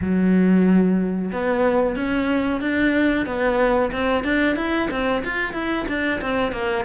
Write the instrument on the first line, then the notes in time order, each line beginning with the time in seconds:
cello
0.01 F#3
1.32 B3
1.96 C#4
2.61 D4
3.25 B3
3.91 C4
4.24 D4
4.56 E4
4.90 C4
5.24 F4
5.53 E4
5.88 D4
6.21 C4
6.52 A#3